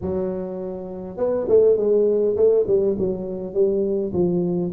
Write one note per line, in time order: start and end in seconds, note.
0.01 1.17 F#3
1.17 1.46 B3
1.48 1.76 A3
1.76 2.35 G#3
2.36 2.65 A3
2.67 2.96 G3
2.98 3.53 F#3
3.53 4.12 G3
4.12 4.71 F3